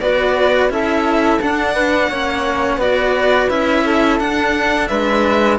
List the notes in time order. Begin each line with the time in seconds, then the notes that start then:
0.00 B3 F#4 B4 D5
0.70 C#4 E4 A4 E5
1.41 D4 F#5
1.74 B4
2.08 A#3 C#4 C#5
2.77 B3 F#4 B4 D5
3.50 C#4 E4 E5
3.85 A4
4.19 D4 F#5
4.88 G#3 B4 E5